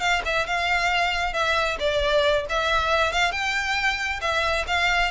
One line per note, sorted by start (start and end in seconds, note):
0.00 0.22 F5
0.25 0.47 E5
0.47 1.33 F5
1.33 1.77 E5
1.79 2.46 D5
2.49 3.12 E5
3.12 3.32 F5
3.32 4.20 G5
4.21 4.65 E5
4.67 5.11 F5